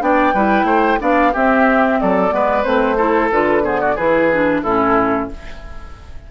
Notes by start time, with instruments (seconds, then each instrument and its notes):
0.00 bassoon B3, clarinet D4, oboe D5, flute G5
0.34 bassoon G3, clarinet E4, oboe B4
0.64 bassoon A3, oboe C5
1.00 bassoon B3, clarinet D4, oboe D5, flute F5
1.33 bassoon C4, clarinet C4, oboe G4, flute E5
2.01 bassoon F#3, oboe A4, flute D5
2.30 bassoon G#3, clarinet B3, oboe B4
2.63 bassoon A3, clarinet C4, flute C5
2.97 clarinet E4, oboe A4
3.31 bassoon D3, clarinet F4, flute B4
3.63 clarinet B3, oboe G#4, flute C5
3.81 oboe F#4, flute D5
3.95 bassoon E3, clarinet E4, oboe G#4, flute B4
4.33 clarinet D4
4.63 bassoon A2, clarinet C#4, oboe E4, flute A4